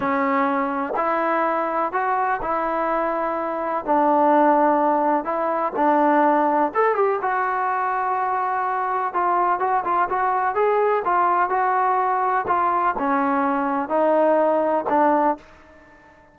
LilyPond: \new Staff \with { instrumentName = "trombone" } { \time 4/4 \tempo 4 = 125 cis'2 e'2 | fis'4 e'2. | d'2. e'4 | d'2 a'8 g'8 fis'4~ |
fis'2. f'4 | fis'8 f'8 fis'4 gis'4 f'4 | fis'2 f'4 cis'4~ | cis'4 dis'2 d'4 | }